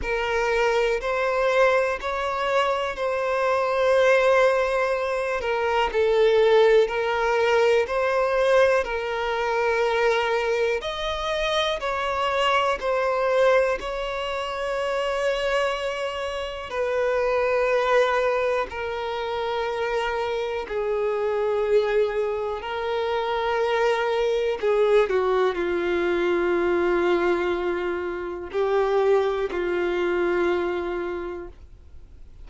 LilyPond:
\new Staff \with { instrumentName = "violin" } { \time 4/4 \tempo 4 = 61 ais'4 c''4 cis''4 c''4~ | c''4. ais'8 a'4 ais'4 | c''4 ais'2 dis''4 | cis''4 c''4 cis''2~ |
cis''4 b'2 ais'4~ | ais'4 gis'2 ais'4~ | ais'4 gis'8 fis'8 f'2~ | f'4 g'4 f'2 | }